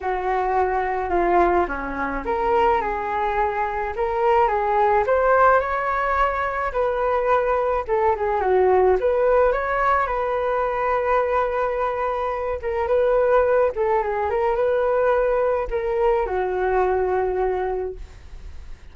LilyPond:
\new Staff \with { instrumentName = "flute" } { \time 4/4 \tempo 4 = 107 fis'2 f'4 cis'4 | ais'4 gis'2 ais'4 | gis'4 c''4 cis''2 | b'2 a'8 gis'8 fis'4 |
b'4 cis''4 b'2~ | b'2~ b'8 ais'8 b'4~ | b'8 a'8 gis'8 ais'8 b'2 | ais'4 fis'2. | }